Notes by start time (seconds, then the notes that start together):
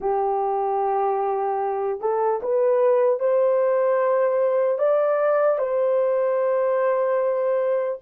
0.00 G4
2.00 A4
2.42 B4
3.19 C5
4.78 D5
5.58 C5